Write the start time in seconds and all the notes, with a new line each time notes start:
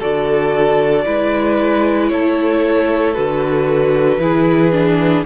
0.00 D3 F#4 A4 D5
1.06 G#3 E4 B4
2.09 A3 A4 C#5
3.14 D3 F#4 B4
4.18 E3 E4 G#4
4.72 D4